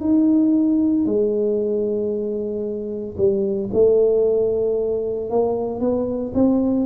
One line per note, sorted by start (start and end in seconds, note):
0.00 1.05 D#4
1.05 3.16 G#3
3.17 3.70 G3
3.73 5.30 A3
5.30 5.79 A#3
5.79 6.32 B3
6.34 6.86 C4